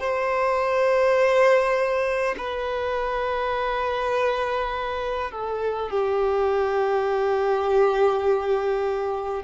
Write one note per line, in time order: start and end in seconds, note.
0.00 2.35 C5
2.37 5.31 B4
5.31 5.90 A4
5.90 9.43 G4